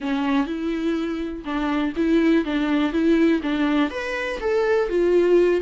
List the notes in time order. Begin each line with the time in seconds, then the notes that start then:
0.00 C#4
0.46 E4
1.44 D4
1.96 E4
2.44 D4
2.92 E4
3.42 D4
3.90 B4
4.40 A4
4.89 F4